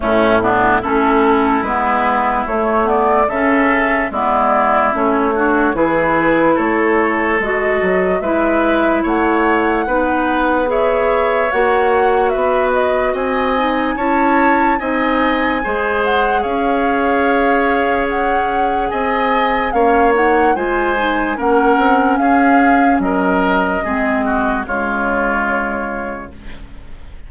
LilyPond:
<<
  \new Staff \with { instrumentName = "flute" } { \time 4/4 \tempo 4 = 73 e'4 a'4 b'4 cis''8 d''8 | e''4 d''4 cis''4 b'4 | cis''4 dis''4 e''4 fis''4~ | fis''4 e''4 fis''4 e''8 dis''8 |
gis''4 a''4 gis''4. fis''8 | f''2 fis''4 gis''4 | f''8 fis''8 gis''4 fis''4 f''4 | dis''2 cis''2 | }
  \new Staff \with { instrumentName = "oboe" } { \time 4/4 cis'8 d'8 e'2. | a'4 e'4. fis'8 gis'4 | a'2 b'4 cis''4 | b'4 cis''2 b'4 |
dis''4 cis''4 dis''4 c''4 | cis''2. dis''4 | cis''4 c''4 ais'4 gis'4 | ais'4 gis'8 fis'8 f'2 | }
  \new Staff \with { instrumentName = "clarinet" } { \time 4/4 a8 b8 cis'4 b4 a8 b8 | cis'4 b4 cis'8 d'8 e'4~ | e'4 fis'4 e'2 | dis'4 gis'4 fis'2~ |
fis'8 dis'8 e'4 dis'4 gis'4~ | gis'1 | cis'8 dis'8 f'8 dis'8 cis'2~ | cis'4 c'4 gis2 | }
  \new Staff \with { instrumentName = "bassoon" } { \time 4/4 a,4 a4 gis4 a4 | cis4 gis4 a4 e4 | a4 gis8 fis8 gis4 a4 | b2 ais4 b4 |
c'4 cis'4 c'4 gis4 | cis'2. c'4 | ais4 gis4 ais8 c'8 cis'4 | fis4 gis4 cis2 | }
>>